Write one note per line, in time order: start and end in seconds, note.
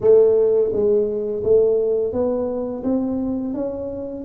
0.01 0.71 A3
0.72 1.43 G#3
1.43 2.12 A3
2.12 2.83 B3
2.83 3.54 C4
3.54 4.24 C#4